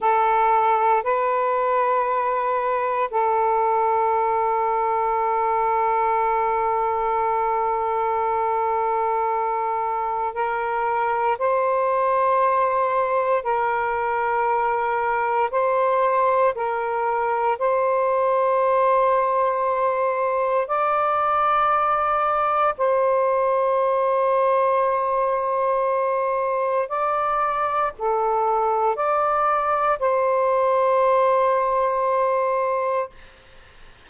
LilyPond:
\new Staff \with { instrumentName = "saxophone" } { \time 4/4 \tempo 4 = 58 a'4 b'2 a'4~ | a'1~ | a'2 ais'4 c''4~ | c''4 ais'2 c''4 |
ais'4 c''2. | d''2 c''2~ | c''2 d''4 a'4 | d''4 c''2. | }